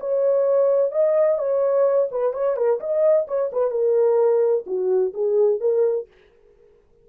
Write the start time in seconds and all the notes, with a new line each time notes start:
0.00 C#5
0.92 D#5
1.38 C#5
2.11 B4
2.34 C#5
2.57 A#4
2.80 D#5
3.27 C#5
3.53 B4
3.71 A#4
4.66 F#4
5.14 G#4
5.61 A#4